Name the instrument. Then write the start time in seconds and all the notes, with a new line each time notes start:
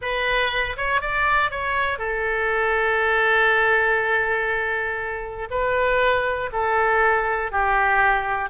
oboe
0.01 B4
0.77 C#5
1.01 D5
1.50 C#5
1.98 A4
5.50 B4
6.52 A4
7.51 G4